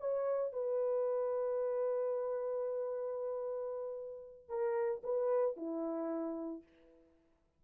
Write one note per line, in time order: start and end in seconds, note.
0.00 0.53 C#5
0.53 4.49 B4
4.49 5.02 A#4
5.03 5.57 B4
5.57 6.63 E4